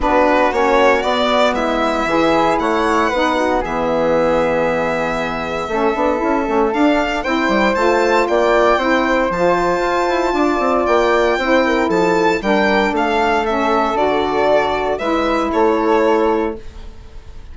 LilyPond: <<
  \new Staff \with { instrumentName = "violin" } { \time 4/4 \tempo 4 = 116 b'4 cis''4 d''4 e''4~ | e''4 fis''2 e''4~ | e''1~ | e''4 f''4 g''4 a''4 |
g''2 a''2~ | a''4 g''2 a''4 | g''4 f''4 e''4 d''4~ | d''4 e''4 cis''2 | }
  \new Staff \with { instrumentName = "flute" } { \time 4/4 fis'2. e'4 | gis'4 cis''4 b'8 fis'8 gis'4~ | gis'2. a'4~ | a'2 c''2 |
d''4 c''2. | d''2 c''8 ais'8 a'4 | ais'4 a'2.~ | a'4 b'4 a'2 | }
  \new Staff \with { instrumentName = "saxophone" } { \time 4/4 d'4 cis'4 b2 | e'2 dis'4 b4~ | b2. cis'8 d'8 | e'8 cis'8 d'4 e'4 f'4~ |
f'4 e'4 f'2~ | f'2 e'2 | d'2 cis'4 fis'4~ | fis'4 e'2. | }
  \new Staff \with { instrumentName = "bassoon" } { \time 4/4 b4 ais4 b4 gis4 | e4 a4 b4 e4~ | e2. a8 b8 | cis'8 a8 d'4 c'8 g8 a4 |
ais4 c'4 f4 f'8 e'8 | d'8 c'8 ais4 c'4 f4 | g4 a2 d4~ | d4 gis4 a2 | }
>>